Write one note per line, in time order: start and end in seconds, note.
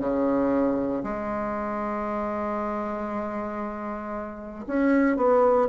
0.00 1.03 C#3
1.03 4.66 G#3
4.67 5.17 C#4
5.17 5.68 B3